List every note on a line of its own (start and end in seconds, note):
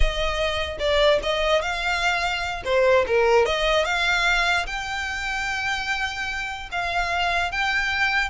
0.00 0.77 D#5
0.79 1.19 D5
1.23 1.61 D#5
1.61 2.62 F5
2.64 3.05 C5
3.06 3.45 A#4
3.45 3.84 D#5
3.84 4.65 F5
4.66 6.69 G5
6.71 7.51 F5
7.51 8.29 G5